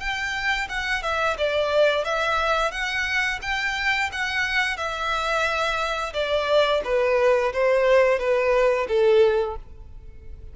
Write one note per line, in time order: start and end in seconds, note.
0.00 0.68 G5
0.69 1.03 F#5
1.03 1.37 E5
1.38 2.05 D5
2.05 2.72 E5
2.72 3.40 F#5
3.42 4.10 G5
4.12 4.77 F#5
4.77 6.13 E5
6.14 6.82 D5
6.85 7.53 B4
7.53 8.19 C5
8.19 8.87 B4
8.88 9.56 A4